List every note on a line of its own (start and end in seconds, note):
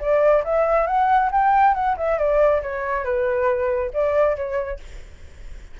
0.00 0.43 D5
0.44 0.87 E5
0.87 1.30 F#5
1.31 1.75 G5
1.75 1.96 F#5
1.97 2.18 E5
2.18 2.62 D5
2.62 3.04 C#5
3.04 3.91 B4
3.94 4.37 D5
4.37 4.80 C#5